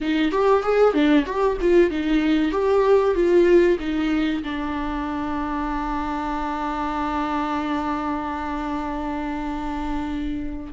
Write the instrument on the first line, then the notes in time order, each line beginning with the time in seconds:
viola
0.00 D#4
0.31 G4
0.63 G#4
0.93 D4
1.26 G4
1.60 F4
1.90 D#4
2.51 G4
3.14 F4
3.79 D#4
4.43 D4